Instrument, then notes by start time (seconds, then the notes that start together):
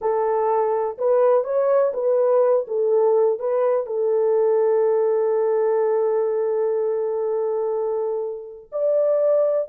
horn
0.01 A4
0.98 B4
1.44 C#5
1.93 B4
2.67 A4
3.39 B4
3.86 A4
8.72 D5